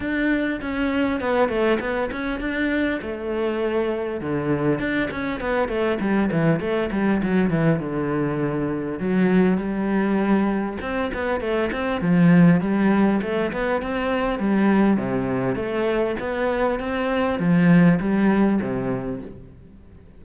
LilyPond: \new Staff \with { instrumentName = "cello" } { \time 4/4 \tempo 4 = 100 d'4 cis'4 b8 a8 b8 cis'8 | d'4 a2 d4 | d'8 cis'8 b8 a8 g8 e8 a8 g8 | fis8 e8 d2 fis4 |
g2 c'8 b8 a8 c'8 | f4 g4 a8 b8 c'4 | g4 c4 a4 b4 | c'4 f4 g4 c4 | }